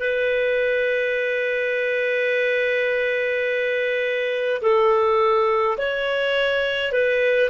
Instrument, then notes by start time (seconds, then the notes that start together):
clarinet
0.00 B4
4.62 A4
5.78 C#5
6.92 B4